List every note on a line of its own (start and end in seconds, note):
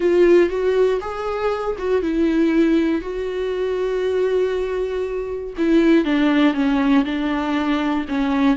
0.00 0.49 F4
0.49 0.99 F#4
1.00 1.76 G#4
1.78 2.02 F#4
2.02 3.01 E4
3.01 5.53 F#4
5.57 6.05 E4
6.05 6.54 D4
6.54 7.04 C#4
7.04 8.05 D4
8.08 8.56 C#4